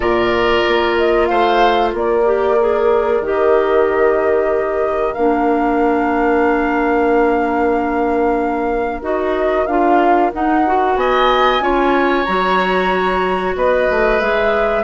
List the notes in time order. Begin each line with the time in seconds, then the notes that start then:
0.00 A#2 F4 A#4 D5
0.67 A#3
0.97 D#5
1.25 A3 C5 F5
1.93 A#3 A#4 D5
2.25 G4
2.59 G#4
3.20 D#3 G4 D#5
5.13 A#3 D4 F5
9.01 D#4 F#4 D#5
9.66 D4 F4 F5
10.33 D#4 F#5
10.65 F#4
10.95 B3 D#5 G#5
11.60 C#4 F4 C#5
12.24 F#3 F#4 A#5
13.55 B3 B4 D#5
13.90 A3
14.20 G#3 G#4 E5